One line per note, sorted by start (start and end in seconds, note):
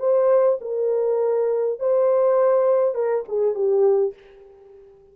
0.00 0.59 C5
0.61 1.80 A#4
1.80 2.95 C5
2.95 3.25 A#4
3.28 3.55 G#4
3.55 4.14 G4